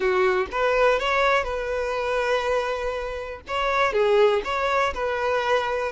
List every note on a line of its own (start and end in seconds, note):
0.00 0.46 F#4
0.51 0.99 B4
0.99 1.44 C#5
1.44 3.40 B4
3.47 3.92 C#5
3.92 4.42 G#4
4.44 4.93 C#5
4.94 5.92 B4